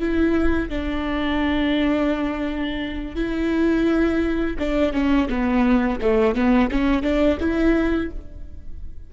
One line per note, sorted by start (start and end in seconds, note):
0.00 0.70 E4
0.70 3.16 D4
3.16 4.57 E4
4.59 4.93 D4
4.93 5.28 C#4
5.29 6.00 B3
6.02 6.35 A3
6.35 6.70 B3
6.71 7.02 C#4
7.02 7.38 D4
7.40 8.11 E4